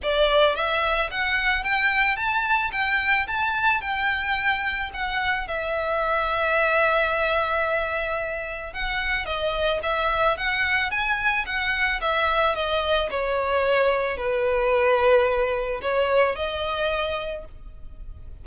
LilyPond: \new Staff \with { instrumentName = "violin" } { \time 4/4 \tempo 4 = 110 d''4 e''4 fis''4 g''4 | a''4 g''4 a''4 g''4~ | g''4 fis''4 e''2~ | e''1 |
fis''4 dis''4 e''4 fis''4 | gis''4 fis''4 e''4 dis''4 | cis''2 b'2~ | b'4 cis''4 dis''2 | }